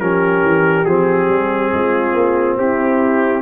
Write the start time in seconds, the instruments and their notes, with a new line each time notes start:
0.00 tuba F3, trombone C#4, horn G4, trumpet A#4
0.43 tuba E3
0.85 tuba F3, trombone C4, trumpet G#4
1.28 tuba G3
1.73 tuba G#3, horn F4
2.14 tuba A#3
2.57 tuba C4, horn E4, trumpet G4